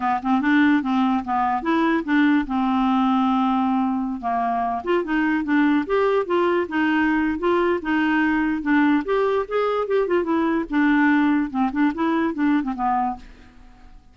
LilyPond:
\new Staff \with { instrumentName = "clarinet" } { \time 4/4 \tempo 4 = 146 b8 c'8 d'4 c'4 b4 | e'4 d'4 c'2~ | c'2~ c'16 ais4. f'16~ | f'16 dis'4 d'4 g'4 f'8.~ |
f'16 dis'4.~ dis'16 f'4 dis'4~ | dis'4 d'4 g'4 gis'4 | g'8 f'8 e'4 d'2 | c'8 d'8 e'4 d'8. c'16 b4 | }